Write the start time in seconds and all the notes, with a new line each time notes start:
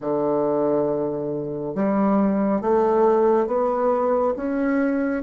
0.00 D3
1.74 G3
2.61 A3
3.47 B3
4.36 C#4